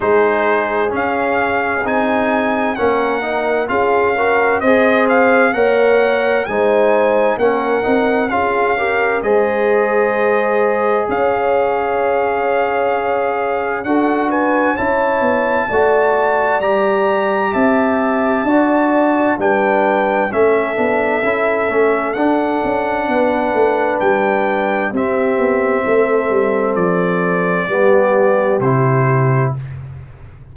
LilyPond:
<<
  \new Staff \with { instrumentName = "trumpet" } { \time 4/4 \tempo 4 = 65 c''4 f''4 gis''4 fis''4 | f''4 dis''8 f''8 fis''4 gis''4 | fis''4 f''4 dis''2 | f''2. fis''8 gis''8 |
a''2 ais''4 a''4~ | a''4 g''4 e''2 | fis''2 g''4 e''4~ | e''4 d''2 c''4 | }
  \new Staff \with { instrumentName = "horn" } { \time 4/4 gis'2. ais'4 | gis'8 ais'8 c''4 cis''4 c''4 | ais'4 gis'8 ais'8 c''2 | cis''2. a'8 b'8 |
cis''4 d''2 e''4 | d''4 b'4 a'2~ | a'4 b'2 g'4 | a'2 g'2 | }
  \new Staff \with { instrumentName = "trombone" } { \time 4/4 dis'4 cis'4 dis'4 cis'8 dis'8 | f'8 fis'8 gis'4 ais'4 dis'4 | cis'8 dis'8 f'8 g'8 gis'2~ | gis'2. fis'4 |
e'4 fis'4 g'2 | fis'4 d'4 cis'8 d'8 e'8 cis'8 | d'2. c'4~ | c'2 b4 e'4 | }
  \new Staff \with { instrumentName = "tuba" } { \time 4/4 gis4 cis'4 c'4 ais4 | cis'4 c'4 ais4 gis4 | ais8 c'8 cis'4 gis2 | cis'2. d'4 |
cis'8 b8 a4 g4 c'4 | d'4 g4 a8 b8 cis'8 a8 | d'8 cis'8 b8 a8 g4 c'8 b8 | a8 g8 f4 g4 c4 | }
>>